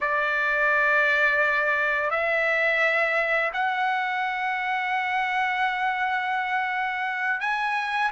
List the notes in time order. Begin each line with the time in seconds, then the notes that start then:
0.00 D5
2.10 E5
3.53 F#5
7.40 G#5